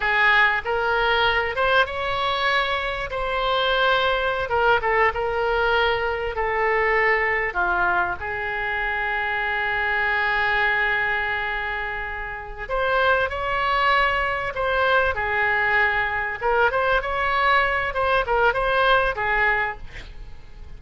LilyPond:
\new Staff \with { instrumentName = "oboe" } { \time 4/4 \tempo 4 = 97 gis'4 ais'4. c''8 cis''4~ | cis''4 c''2~ c''16 ais'8 a'16~ | a'16 ais'2 a'4.~ a'16~ | a'16 f'4 gis'2~ gis'8.~ |
gis'1~ | gis'8 c''4 cis''2 c''8~ | c''8 gis'2 ais'8 c''8 cis''8~ | cis''4 c''8 ais'8 c''4 gis'4 | }